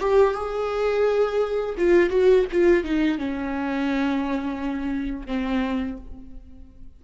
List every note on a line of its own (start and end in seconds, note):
0.00 0.34 G4
0.34 1.76 G#4
1.78 2.10 F4
2.10 2.45 F#4
2.52 2.84 F4
2.84 3.18 D#4
3.18 5.27 C#4
5.27 5.97 C4